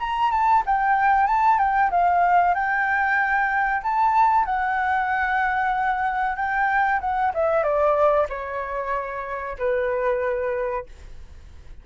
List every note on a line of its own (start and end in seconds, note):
0.00 0.32 A#5
0.32 0.64 A5
0.66 1.28 G5
1.28 1.59 A5
1.59 1.91 G5
1.91 2.55 F5
2.55 3.82 G5
3.83 4.46 A5
4.46 6.37 F#5
6.37 7.00 G5
7.01 7.33 F#5
7.34 7.63 E5
7.63 8.27 D5
8.30 9.57 C#5
9.59 10.87 B4